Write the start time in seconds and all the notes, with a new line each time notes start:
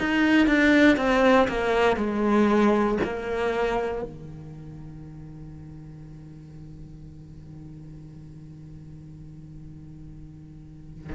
0.00 D#4
0.47 D4
0.97 C4
1.48 A#3
1.96 G#3
3.04 A#3
4.03 D#3